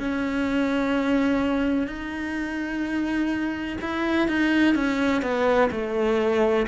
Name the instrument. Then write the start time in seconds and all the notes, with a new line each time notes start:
cello
0.00 C#4
1.87 D#4
3.81 E4
4.29 D#4
4.75 C#4
5.23 B3
5.72 A3